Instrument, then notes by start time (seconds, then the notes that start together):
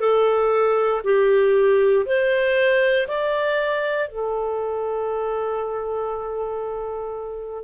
clarinet
0.00 A4
1.04 G4
2.06 C5
3.08 D5
4.09 A4